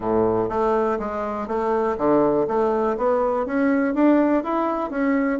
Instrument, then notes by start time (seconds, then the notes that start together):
bassoon
0.00 A2
0.49 A3
0.99 G#3
1.47 A3
1.97 D3
2.47 A3
2.97 B3
3.46 C#4
3.94 D4
4.43 E4
4.90 C#4